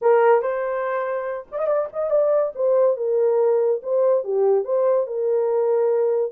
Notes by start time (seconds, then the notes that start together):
0.01 A#4
0.41 C5
1.51 D5
1.58 D#5
1.67 D5
1.92 D#5
2.10 D5
2.55 C5
2.96 A#4
3.82 C5
4.24 G4
4.64 C5
5.06 A#4